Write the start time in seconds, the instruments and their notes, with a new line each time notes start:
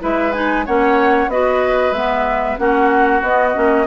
0.00 bassoon G#3, clarinet E4, oboe B4, flute E5
0.32 clarinet D#4, flute G#5
0.66 bassoon A#3, clarinet C#4, oboe C#5, flute F#5
1.28 bassoon B3, clarinet F#4, oboe B4, flute D#5
1.91 bassoon G#3, clarinet B3, flute E5
2.58 bassoon A#3, clarinet C#4, oboe F#4, flute F#5
3.22 bassoon B3, clarinet B3, flute D#5
3.54 bassoon A#3, clarinet C#4